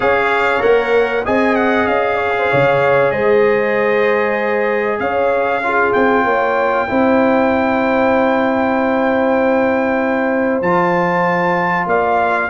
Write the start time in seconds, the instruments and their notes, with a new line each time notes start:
0.00 tuba C#4, trombone G#4, horn C#5, trumpet F5
0.60 tuba A#3, trombone A#4, trumpet F#5
1.25 tuba C4, trombone G#4, horn D#5, trumpet G#5
1.55 trumpet F#5
1.86 tuba C#4, trumpet F5
2.16 horn C#5
2.37 horn C5
2.51 tuba C#3, horn C#5
3.10 tuba G#3, horn C5, trumpet D#5
4.99 tuba C#4, horn C#5, trumpet F5
5.63 trombone F4, horn G#4
5.92 tuba C4, trumpet G5
6.24 tuba A#3, horn C#5
6.88 tuba C4, trombone E4, horn C5
10.61 tuba F3, trombone F4, trumpet A5
11.86 tuba A#3, horn D5, trumpet F5